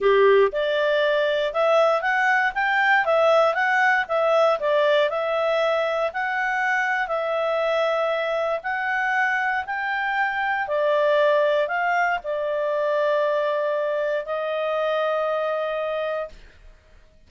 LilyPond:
\new Staff \with { instrumentName = "clarinet" } { \time 4/4 \tempo 4 = 118 g'4 d''2 e''4 | fis''4 g''4 e''4 fis''4 | e''4 d''4 e''2 | fis''2 e''2~ |
e''4 fis''2 g''4~ | g''4 d''2 f''4 | d''1 | dis''1 | }